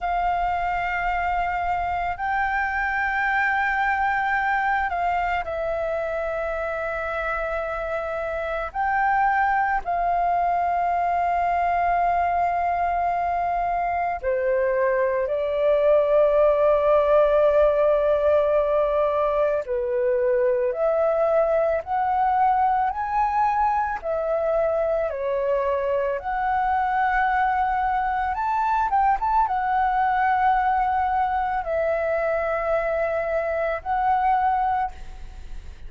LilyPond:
\new Staff \with { instrumentName = "flute" } { \time 4/4 \tempo 4 = 55 f''2 g''2~ | g''8 f''8 e''2. | g''4 f''2.~ | f''4 c''4 d''2~ |
d''2 b'4 e''4 | fis''4 gis''4 e''4 cis''4 | fis''2 a''8 g''16 a''16 fis''4~ | fis''4 e''2 fis''4 | }